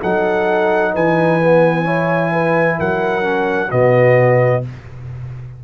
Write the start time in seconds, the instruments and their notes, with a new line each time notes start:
0.00 tuba F#3, trombone D#4, horn A4, trumpet F#5
0.93 tuba E3, horn B4, trumpet G#5
1.41 trombone B3
1.85 trombone E4, horn C#5
2.32 horn B4
2.78 tuba F#3, horn A#4, trumpet F#5
3.22 trombone C#4
3.70 tuba B2, trombone B3, horn F#4, trumpet D#5